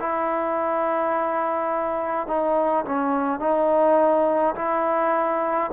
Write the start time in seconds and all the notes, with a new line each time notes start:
0.00 E4
2.28 D#4
2.86 C#4
3.40 D#4
4.56 E4